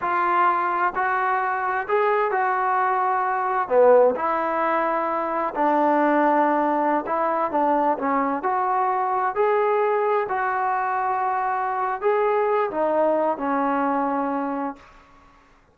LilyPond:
\new Staff \with { instrumentName = "trombone" } { \time 4/4 \tempo 4 = 130 f'2 fis'2 | gis'4 fis'2. | b4 e'2. | d'2.~ d'16 e'8.~ |
e'16 d'4 cis'4 fis'4.~ fis'16~ | fis'16 gis'2 fis'4.~ fis'16~ | fis'2 gis'4. dis'8~ | dis'4 cis'2. | }